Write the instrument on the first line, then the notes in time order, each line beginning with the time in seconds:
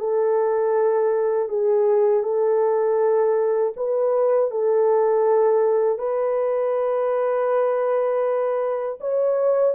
horn
0.00 A4
1.49 G#4
2.24 A4
3.77 B4
4.51 A4
5.99 B4
9.01 C#5